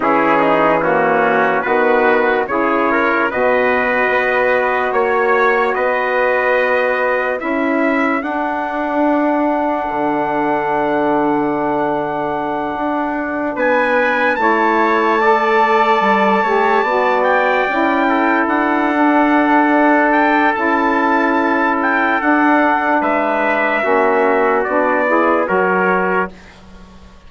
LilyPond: <<
  \new Staff \with { instrumentName = "trumpet" } { \time 4/4 \tempo 4 = 73 gis'4 fis'4 b'4 cis''4 | dis''2 cis''4 dis''4~ | dis''4 e''4 fis''2~ | fis''1~ |
fis''8 gis''4 a''2~ a''8~ | a''4 g''4. fis''4.~ | fis''8 g''8 a''4. g''8 fis''4 | e''2 d''4 cis''4 | }
  \new Staff \with { instrumentName = "trumpet" } { \time 4/4 e'8 dis'8 cis'4 fis'4 gis'8 ais'8 | b'2 cis''4 b'4~ | b'4 a'2.~ | a'1~ |
a'8 b'4 cis''4 d''4. | cis''8 d''4. a'2~ | a'1 | b'4 fis'4. gis'8 ais'4 | }
  \new Staff \with { instrumentName = "saxophone" } { \time 4/4 cis'4 ais4 b4 e'4 | fis'1~ | fis'4 e'4 d'2~ | d'1~ |
d'4. e'4 a'4. | g'8 fis'4 e'4. d'4~ | d'4 e'2 d'4~ | d'4 cis'4 d'8 e'8 fis'4 | }
  \new Staff \with { instrumentName = "bassoon" } { \time 4/4 e2 dis4 cis4 | b,4 b4 ais4 b4~ | b4 cis'4 d'2 | d2.~ d8 d'8~ |
d'8 b4 a2 g8 | a8 b4 cis'4 d'4.~ | d'4 cis'2 d'4 | gis4 ais4 b4 fis4 | }
>>